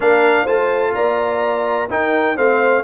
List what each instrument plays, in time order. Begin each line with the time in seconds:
0.00 tuba A#3, trombone D4, horn A#4, trumpet F5
0.43 tuba A3, trombone F4, horn C5, trumpet A5
0.94 tuba A#3, horn D5, trumpet A#5
1.89 trombone D#4, tuba D#4, horn A#4, trumpet G5
2.35 tuba A3, trombone C4, horn C5, trumpet F5